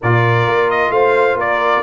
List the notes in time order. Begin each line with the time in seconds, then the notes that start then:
0.01 A#2 F4 A#4 D5
0.46 A#3
0.70 D#5
0.89 A3 C5 F5
1.34 A#3 A#4 D5